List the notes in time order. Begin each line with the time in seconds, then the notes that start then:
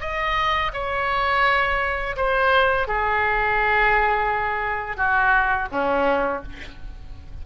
0.00 D#5
0.73 C#5
2.16 C5
2.87 G#4
4.97 F#4
5.71 C#4